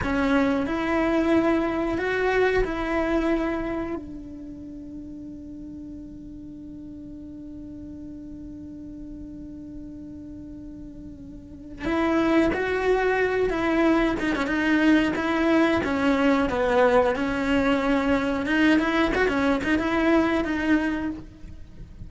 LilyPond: \new Staff \with { instrumentName = "cello" } { \time 4/4 \tempo 4 = 91 cis'4 e'2 fis'4 | e'2 d'2~ | d'1~ | d'1~ |
d'2 e'4 fis'4~ | fis'8 e'4 dis'16 cis'16 dis'4 e'4 | cis'4 b4 cis'2 | dis'8 e'8 fis'16 cis'8 dis'16 e'4 dis'4 | }